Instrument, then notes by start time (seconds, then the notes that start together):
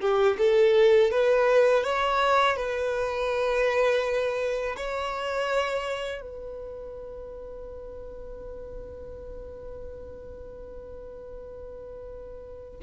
violin
0.00 G4
0.38 A4
1.10 B4
1.83 C#5
2.56 B4
4.76 C#5
6.21 B4